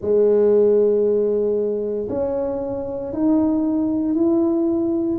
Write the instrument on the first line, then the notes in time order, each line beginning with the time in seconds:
tuba
0.00 G#3
2.09 C#4
3.12 D#4
4.14 E4